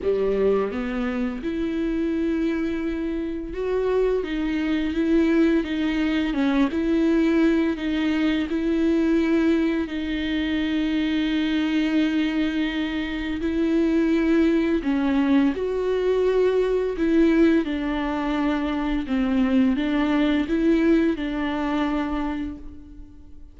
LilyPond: \new Staff \with { instrumentName = "viola" } { \time 4/4 \tempo 4 = 85 g4 b4 e'2~ | e'4 fis'4 dis'4 e'4 | dis'4 cis'8 e'4. dis'4 | e'2 dis'2~ |
dis'2. e'4~ | e'4 cis'4 fis'2 | e'4 d'2 c'4 | d'4 e'4 d'2 | }